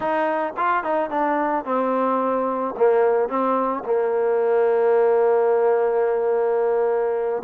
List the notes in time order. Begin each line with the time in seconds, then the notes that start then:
0.00 D#4
0.57 F4
0.83 D#4
1.10 D4
1.64 C4
2.77 A#3
3.28 C4
3.84 A#3